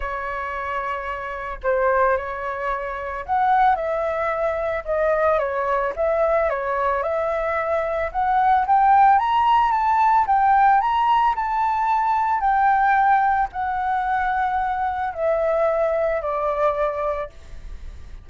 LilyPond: \new Staff \with { instrumentName = "flute" } { \time 4/4 \tempo 4 = 111 cis''2. c''4 | cis''2 fis''4 e''4~ | e''4 dis''4 cis''4 e''4 | cis''4 e''2 fis''4 |
g''4 ais''4 a''4 g''4 | ais''4 a''2 g''4~ | g''4 fis''2. | e''2 d''2 | }